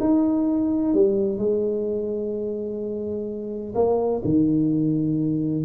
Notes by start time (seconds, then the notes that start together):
0.00 D#4
0.94 G3
1.38 G#3
3.75 A#3
4.25 D#3